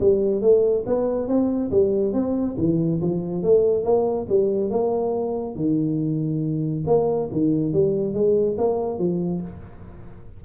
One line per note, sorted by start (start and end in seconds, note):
0.00 0.41 G3
0.41 0.84 A3
0.86 1.27 B3
1.27 1.70 C4
1.71 2.13 G3
2.13 2.56 C4
2.58 3.00 E3
3.01 3.43 F3
3.43 3.83 A3
3.83 4.26 A#3
4.29 4.70 G3
4.70 5.55 A#3
5.55 6.84 D#3
6.86 7.29 A#3
7.32 7.73 D#3
7.73 8.14 G3
8.14 8.56 G#3
8.58 8.98 A#3
8.98 9.41 F3